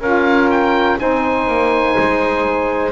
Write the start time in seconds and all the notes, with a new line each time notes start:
0.00 C#4 F4 A#4 F5
0.51 G5
0.98 C4 D#4 C5 G#5
1.48 A#3
1.99 G#3